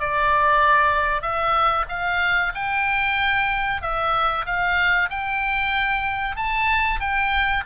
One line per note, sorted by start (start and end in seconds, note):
0.00 1.22 D5
1.22 1.86 E5
1.89 2.53 F5
2.55 3.82 G5
3.82 4.46 E5
4.46 5.10 F5
5.10 6.37 G5
6.37 7.00 A5
7.00 7.64 G5